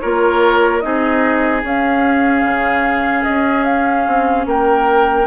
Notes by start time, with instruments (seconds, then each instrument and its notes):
0.00 bassoon A#3, clarinet F4, oboe A#4, flute C#5
0.80 bassoon C4, clarinet D#4, oboe G#4, flute D#5
1.63 bassoon C#4, clarinet C#4, flute F5
2.43 bassoon C#3
3.23 bassoon C#4, flute D#5
3.64 flute F5
4.07 bassoon C4
4.46 bassoon A#3, oboe A#4, flute G5